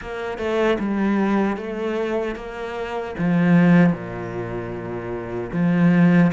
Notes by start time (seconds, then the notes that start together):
0.01 A#3
0.38 A3
0.79 G3
1.56 A3
2.35 A#3
3.18 F3
3.92 A#2
5.52 F3